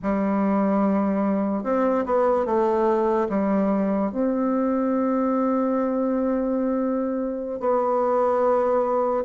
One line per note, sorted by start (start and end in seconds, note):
0.02 1.63 G3
1.63 2.04 C4
2.05 2.45 B3
2.45 3.27 A3
3.29 4.11 G3
4.11 7.60 C4
7.60 9.24 B3